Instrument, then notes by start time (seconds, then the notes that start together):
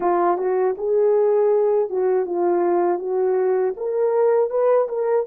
horn
0.00 F4
0.38 F#4
0.77 G#4
1.89 F#4
2.25 F4
2.99 F#4
3.76 A#4
4.50 B4
4.88 A#4